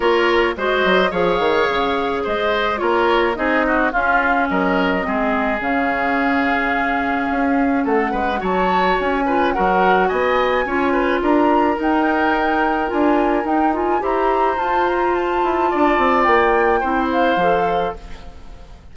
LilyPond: <<
  \new Staff \with { instrumentName = "flute" } { \time 4/4 \tempo 4 = 107 cis''4 dis''4 f''2 | dis''4 cis''4 dis''4 f''4 | dis''2 f''2~ | f''2 fis''4 a''4 |
gis''4 fis''4 gis''2 | ais''4 g''2 gis''4 | g''8 gis''8 ais''4 a''8 ais''8 a''4~ | a''4 g''4. f''4. | }
  \new Staff \with { instrumentName = "oboe" } { \time 4/4 ais'4 c''4 cis''2 | c''4 ais'4 gis'8 fis'8 f'4 | ais'4 gis'2.~ | gis'2 a'8 b'8 cis''4~ |
cis''8 b'8 ais'4 dis''4 cis''8 b'8 | ais'1~ | ais'4 c''2. | d''2 c''2 | }
  \new Staff \with { instrumentName = "clarinet" } { \time 4/4 f'4 fis'4 gis'2~ | gis'4 f'4 dis'4 cis'4~ | cis'4 c'4 cis'2~ | cis'2. fis'4~ |
fis'8 f'8 fis'2 f'4~ | f'4 dis'2 f'4 | dis'8 f'8 g'4 f'2~ | f'2 e'4 a'4 | }
  \new Staff \with { instrumentName = "bassoon" } { \time 4/4 ais4 gis8 fis8 f8 dis8 cis4 | gis4 ais4 c'4 cis'4 | fis4 gis4 cis2~ | cis4 cis'4 a8 gis8 fis4 |
cis'4 fis4 b4 cis'4 | d'4 dis'2 d'4 | dis'4 e'4 f'4. e'8 | d'8 c'8 ais4 c'4 f4 | }
>>